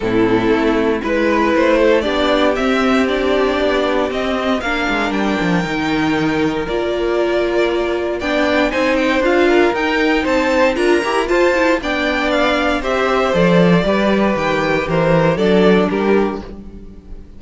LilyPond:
<<
  \new Staff \with { instrumentName = "violin" } { \time 4/4 \tempo 4 = 117 a'2 b'4 c''4 | d''4 e''4 d''2 | dis''4 f''4 g''2~ | g''4 d''2. |
g''4 gis''8 g''8 f''4 g''4 | a''4 ais''4 a''4 g''4 | f''4 e''4 d''2 | g''4 c''4 d''4 ais'4 | }
  \new Staff \with { instrumentName = "violin" } { \time 4/4 e'2 b'4. a'8 | g'1~ | g'4 ais'2.~ | ais'1 |
d''4 c''4. ais'4. | c''4 ais'4 c''4 d''4~ | d''4 c''2 b'4~ | b'4 ais'4 a'4 g'4 | }
  \new Staff \with { instrumentName = "viola" } { \time 4/4 c'2 e'2 | d'4 c'4 d'2 | c'4 d'2 dis'4~ | dis'4 f'2. |
d'4 dis'4 f'4 dis'4~ | dis'4 f'8 g'8 f'8 e'8 d'4~ | d'4 g'4 a'4 g'4~ | g'2 d'2 | }
  \new Staff \with { instrumentName = "cello" } { \time 4/4 a,4 a4 gis4 a4 | b4 c'2 b4 | c'4 ais8 gis8 g8 f8 dis4~ | dis4 ais2. |
b4 c'4 d'4 dis'4 | c'4 d'8 e'8 f'4 b4~ | b4 c'4 f4 g4 | dis4 e4 fis4 g4 | }
>>